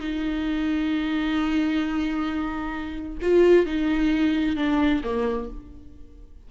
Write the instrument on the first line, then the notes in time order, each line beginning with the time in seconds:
viola
0.00 D#4
3.21 F4
3.66 D#4
4.56 D4
5.04 A#3